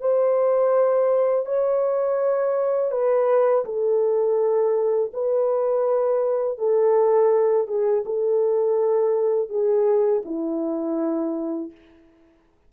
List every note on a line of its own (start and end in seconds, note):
0.00 1.46 C5
1.46 2.91 C#5
2.91 3.64 B4
3.65 5.11 A4
5.14 6.58 B4
6.58 7.67 A4
7.67 8.04 G#4
8.05 9.49 A4
9.49 10.22 G#4
10.25 11.71 E4